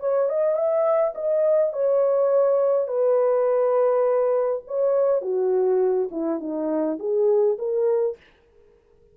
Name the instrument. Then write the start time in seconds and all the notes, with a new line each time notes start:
horn
0.00 C#5
0.29 D#5
0.55 E5
1.14 D#5
1.72 C#5
2.87 B4
4.67 C#5
5.21 F#4
6.11 E4
6.40 D#4
6.99 G#4
7.58 A#4